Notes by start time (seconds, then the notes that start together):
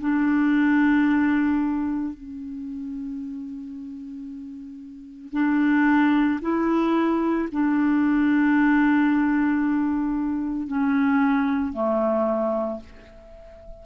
0.00 D4
2.13 C#4
5.32 D4
6.41 E4
7.51 D4
10.67 C#4
11.73 A3